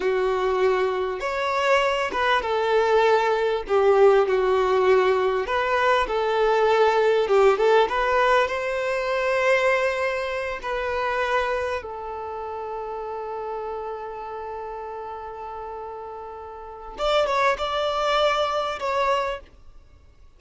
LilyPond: \new Staff \with { instrumentName = "violin" } { \time 4/4 \tempo 4 = 99 fis'2 cis''4. b'8 | a'2 g'4 fis'4~ | fis'4 b'4 a'2 | g'8 a'8 b'4 c''2~ |
c''4. b'2 a'8~ | a'1~ | a'1 | d''8 cis''8 d''2 cis''4 | }